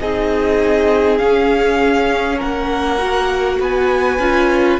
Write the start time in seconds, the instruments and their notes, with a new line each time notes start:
0.00 cello C4, viola D#4, violin G#4 D#5
1.18 viola C#4, cello C#4, violin F5
2.38 cello A#3, violin A#4 F#5
2.98 viola F#4
3.59 cello B3, violin B4 G#5
4.19 cello C#4, viola F4